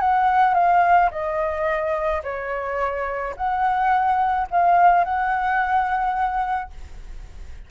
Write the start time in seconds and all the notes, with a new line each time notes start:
0.00 F#5
0.54 F5
1.11 D#5
2.23 C#5
3.36 F#5
4.51 F5
5.04 F#5